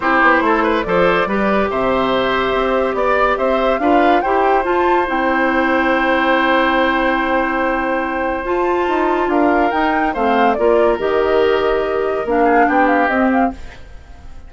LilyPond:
<<
  \new Staff \with { instrumentName = "flute" } { \time 4/4 \tempo 4 = 142 c''2 d''2 | e''2. d''4 | e''4 f''4 g''4 a''4 | g''1~ |
g''1 | a''2 f''4 g''4 | f''4 d''4 dis''2~ | dis''4 f''4 g''8 f''8 dis''8 f''8 | }
  \new Staff \with { instrumentName = "oboe" } { \time 4/4 g'4 a'8 b'8 c''4 b'4 | c''2. d''4 | c''4 b'4 c''2~ | c''1~ |
c''1~ | c''2 ais'2 | c''4 ais'2.~ | ais'4. gis'8 g'2 | }
  \new Staff \with { instrumentName = "clarinet" } { \time 4/4 e'2 a'4 g'4~ | g'1~ | g'4 f'4 g'4 f'4 | e'1~ |
e'1 | f'2. dis'4 | c'4 f'4 g'2~ | g'4 d'2 c'4 | }
  \new Staff \with { instrumentName = "bassoon" } { \time 4/4 c'8 b8 a4 f4 g4 | c2 c'4 b4 | c'4 d'4 e'4 f'4 | c'1~ |
c'1 | f'4 dis'4 d'4 dis'4 | a4 ais4 dis2~ | dis4 ais4 b4 c'4 | }
>>